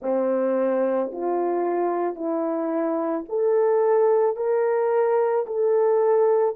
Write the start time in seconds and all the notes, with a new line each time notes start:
0.01 C4
1.12 F4
2.15 E4
3.28 A4
4.36 A#4
5.46 A4